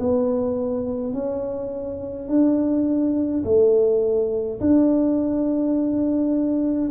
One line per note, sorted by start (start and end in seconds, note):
0.00 1.14 B3
1.14 2.29 C#4
2.29 3.45 D4
3.45 4.60 A3
4.61 6.92 D4